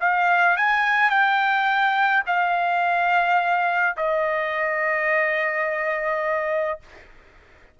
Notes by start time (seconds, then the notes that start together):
0.00 F5
0.56 G#5
1.10 G5
2.26 F5
3.96 D#5